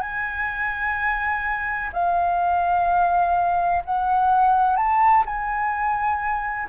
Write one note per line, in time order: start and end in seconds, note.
0.00 1.90 G#5
1.92 3.83 F5
3.85 4.76 F#5
4.76 5.24 A5
5.25 6.68 G#5